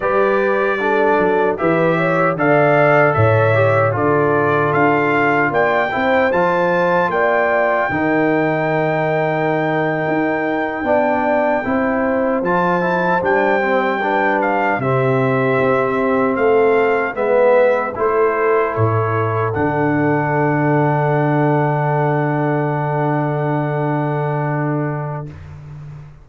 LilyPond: <<
  \new Staff \with { instrumentName = "trumpet" } { \time 4/4 \tempo 4 = 76 d''2 e''4 f''4 | e''4 d''4 f''4 g''4 | a''4 g''2.~ | g''2.~ g''8. a''16~ |
a''8. g''4. f''8 e''4~ e''16~ | e''8. f''4 e''4 c''4 cis''16~ | cis''8. fis''2.~ fis''16~ | fis''1 | }
  \new Staff \with { instrumentName = "horn" } { \time 4/4 b'4 a'4 b'8 cis''8 d''4 | cis''4 a'2 d''8 c''8~ | c''4 d''4 ais'2~ | ais'4.~ ais'16 d''4 c''4~ c''16~ |
c''4.~ c''16 b'4 g'4~ g'16~ | g'8. a'4 b'4 a'4~ a'16~ | a'1~ | a'1 | }
  \new Staff \with { instrumentName = "trombone" } { \time 4/4 g'4 d'4 g'4 a'4~ | a'8 g'8 f'2~ f'8 e'8 | f'2 dis'2~ | dis'4.~ dis'16 d'4 e'4 f'16~ |
f'16 e'8 d'8 c'8 d'4 c'4~ c'16~ | c'4.~ c'16 b4 e'4~ e'16~ | e'8. d'2.~ d'16~ | d'1 | }
  \new Staff \with { instrumentName = "tuba" } { \time 4/4 g4. fis8 e4 d4 | a,4 d4 d'4 ais8 c'8 | f4 ais4 dis2~ | dis8. dis'4 b4 c'4 f16~ |
f8. g2 c4 c'16~ | c'8. a4 gis4 a4 a,16~ | a,8. d2.~ d16~ | d1 | }
>>